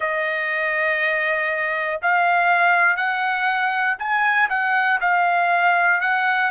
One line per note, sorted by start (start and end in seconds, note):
0.00 2.00 D#5
2.02 2.96 F5
2.96 3.96 F#5
3.99 4.49 G#5
4.49 4.99 F#5
5.00 6.00 F5
6.00 6.50 F#5